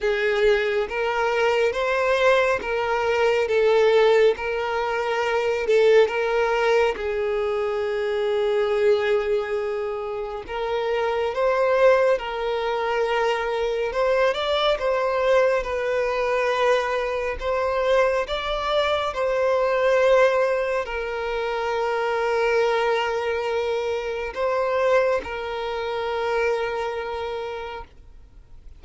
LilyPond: \new Staff \with { instrumentName = "violin" } { \time 4/4 \tempo 4 = 69 gis'4 ais'4 c''4 ais'4 | a'4 ais'4. a'8 ais'4 | gis'1 | ais'4 c''4 ais'2 |
c''8 d''8 c''4 b'2 | c''4 d''4 c''2 | ais'1 | c''4 ais'2. | }